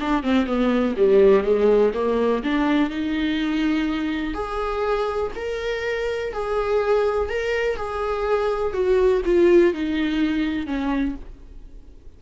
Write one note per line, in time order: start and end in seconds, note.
0.00 0.23 D4
0.23 0.46 C4
0.46 0.95 B3
0.97 1.43 G3
1.43 1.92 G#3
1.94 2.43 A#3
2.43 2.90 D4
2.90 4.34 D#4
4.34 5.31 G#4
5.35 6.33 A#4
6.33 7.29 G#4
7.29 7.76 A#4
7.76 8.73 G#4
8.73 9.22 F#4
9.25 9.74 F4
9.74 10.66 D#4
10.66 11.15 C#4